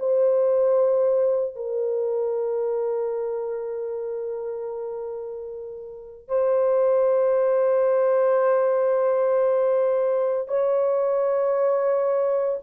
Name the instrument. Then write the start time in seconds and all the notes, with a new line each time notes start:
horn
0.00 C5
1.56 A#4
6.28 C5
10.48 C#5